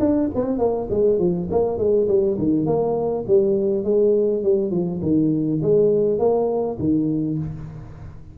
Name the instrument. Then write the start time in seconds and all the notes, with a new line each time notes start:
tuba
0.00 D4
0.35 C4
0.59 A#3
0.90 G#3
1.19 F3
1.51 A#3
1.78 G#3
2.08 G3
2.38 D#3
2.66 A#3
3.27 G3
3.84 G#3
4.44 G3
4.71 F3
5.02 D#3
5.62 G#3
6.19 A#3
6.79 D#3